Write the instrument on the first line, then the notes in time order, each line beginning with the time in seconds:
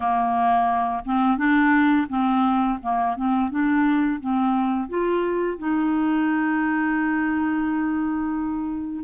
clarinet
0.00 A#3
1.05 C4
1.37 D4
2.09 C4
2.82 A#3
3.16 C4
3.50 D4
4.20 C4
4.88 F4
5.58 D#4